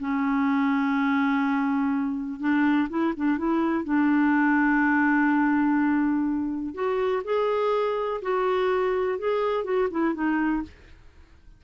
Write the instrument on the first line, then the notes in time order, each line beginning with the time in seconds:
clarinet
0.00 C#4
2.40 D4
2.90 E4
3.17 D4
3.38 E4
3.84 D4
6.75 F#4
7.25 G#4
8.22 F#4
9.19 G#4
9.64 F#4
9.91 E4
10.15 D#4